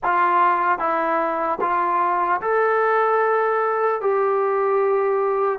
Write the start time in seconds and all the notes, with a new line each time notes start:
0.03 F4
0.78 E4
1.60 F4
2.41 A4
4.01 G4